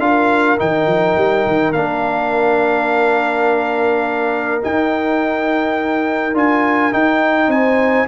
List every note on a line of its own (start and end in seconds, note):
0.00 0.58 D4
0.00 0.58 F4
0.00 7.51 A#4
0.00 0.58 F5
0.58 0.87 D#3
0.58 1.74 D#4
0.58 1.73 G5
0.87 1.16 F3
1.18 1.47 G3
1.47 1.74 D#3
1.73 4.63 A#3
1.73 4.62 D4
1.73 4.62 F5
4.62 6.35 D#4
4.62 6.37 G5
6.35 6.92 D4
6.35 6.92 F4
6.35 6.94 G#5
6.92 8.07 D#4
6.92 7.48 D#4
6.92 7.51 G5
7.48 8.06 C4
7.48 8.08 C5
7.48 8.08 G#5